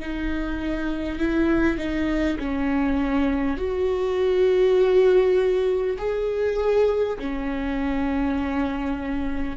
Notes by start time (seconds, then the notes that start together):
0.00 D#4
1.19 E4
1.78 D#4
2.39 C#4
3.58 F#4
5.99 G#4
7.19 C#4